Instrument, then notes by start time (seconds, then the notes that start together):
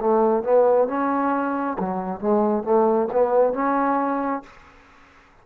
trombone
0.00 A3
0.44 B3
0.88 C#4
1.79 F#3
2.20 G#3
2.64 A3
3.13 B3
3.54 C#4